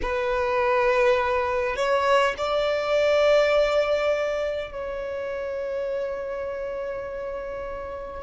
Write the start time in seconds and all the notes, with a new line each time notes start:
0.02 B4
1.76 C#5
2.37 D5
4.71 C#5